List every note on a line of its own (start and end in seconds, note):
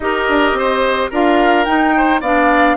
0.00 0.27 D#4
0.00 1.12 G4
0.00 0.58 A#4
0.00 1.10 D#5
0.28 0.52 D4
0.52 1.08 C4
0.52 1.10 C5
1.10 1.66 D4
1.10 1.65 F4
1.10 1.93 A#4
1.10 1.64 F5
1.64 2.21 D#4
1.64 2.19 G5
1.96 2.20 C5
2.20 2.76 B3
2.20 2.77 D4
2.20 2.76 D5
2.20 2.77 F5